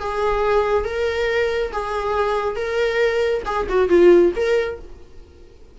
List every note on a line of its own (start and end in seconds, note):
0.00 0.85 G#4
0.85 1.72 A#4
1.72 2.56 G#4
2.56 3.43 A#4
3.45 3.67 G#4
3.69 3.89 F#4
3.89 4.32 F4
4.36 4.79 A#4